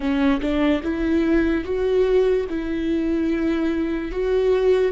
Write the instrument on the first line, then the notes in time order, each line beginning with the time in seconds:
viola
0.00 C#4
0.40 D4
0.83 E4
1.64 F#4
2.49 E4
4.11 F#4